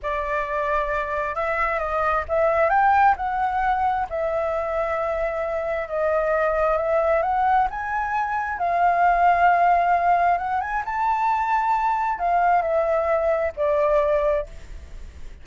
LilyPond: \new Staff \with { instrumentName = "flute" } { \time 4/4 \tempo 4 = 133 d''2. e''4 | dis''4 e''4 g''4 fis''4~ | fis''4 e''2.~ | e''4 dis''2 e''4 |
fis''4 gis''2 f''4~ | f''2. fis''8 gis''8 | a''2. f''4 | e''2 d''2 | }